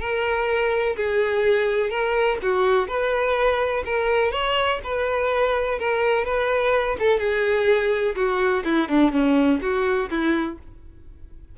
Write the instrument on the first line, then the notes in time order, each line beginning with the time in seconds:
violin
0.00 A#4
0.96 G#4
1.90 A#4
2.42 F#4
2.88 B4
3.86 A#4
4.32 C#5
4.84 B4
5.79 A#4
6.25 B4
6.99 A4
7.19 G#4
8.16 F#4
8.64 E4
8.89 D4
9.12 C#4
9.62 F#4
10.10 E4